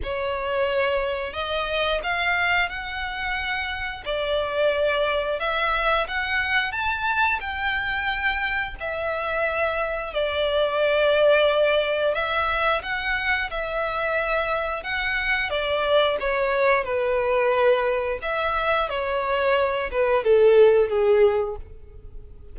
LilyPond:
\new Staff \with { instrumentName = "violin" } { \time 4/4 \tempo 4 = 89 cis''2 dis''4 f''4 | fis''2 d''2 | e''4 fis''4 a''4 g''4~ | g''4 e''2 d''4~ |
d''2 e''4 fis''4 | e''2 fis''4 d''4 | cis''4 b'2 e''4 | cis''4. b'8 a'4 gis'4 | }